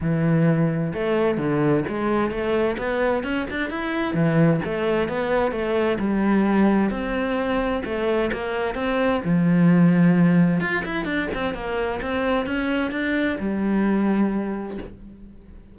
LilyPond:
\new Staff \with { instrumentName = "cello" } { \time 4/4 \tempo 4 = 130 e2 a4 d4 | gis4 a4 b4 cis'8 d'8 | e'4 e4 a4 b4 | a4 g2 c'4~ |
c'4 a4 ais4 c'4 | f2. f'8 e'8 | d'8 c'8 ais4 c'4 cis'4 | d'4 g2. | }